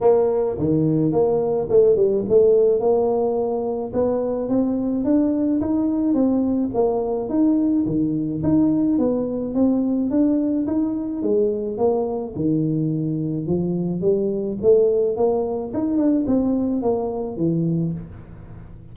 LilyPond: \new Staff \with { instrumentName = "tuba" } { \time 4/4 \tempo 4 = 107 ais4 dis4 ais4 a8 g8 | a4 ais2 b4 | c'4 d'4 dis'4 c'4 | ais4 dis'4 dis4 dis'4 |
b4 c'4 d'4 dis'4 | gis4 ais4 dis2 | f4 g4 a4 ais4 | dis'8 d'8 c'4 ais4 e4 | }